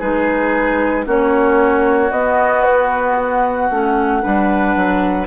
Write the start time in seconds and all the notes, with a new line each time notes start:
0.00 G#3 D#4 G#4 B4
1.05 A#3 C#4 F#4 C#5
2.12 B3 D#5
2.64 B4
3.18 F#5
3.71 A3 C#4
4.23 G3 D4 B4
4.76 F#3